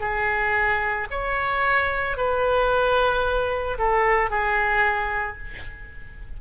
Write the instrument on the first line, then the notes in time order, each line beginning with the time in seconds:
oboe
0.00 G#4
1.11 C#5
2.17 B4
3.78 A4
4.30 G#4